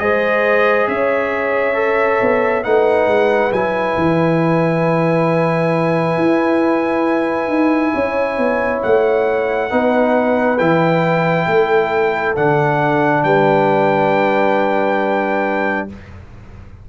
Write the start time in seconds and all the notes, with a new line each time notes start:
0.00 G#3 G#4 C5 D#5
0.88 C#4 C#5 E5
1.75 A4
2.22 B3
2.64 A3 D#4 B4 F#5
3.07 G#3
3.52 F#3 E4 G#5
3.97 E3
6.17 E4
7.49 D#4
7.95 C#4 C#5
8.38 B3
8.83 A3 F#5
9.70 B3 D#4 B4
10.59 E3 E4 G5
11.47 A3 A4
12.37 D3 D4 F#5
13.24 G3 B4 G5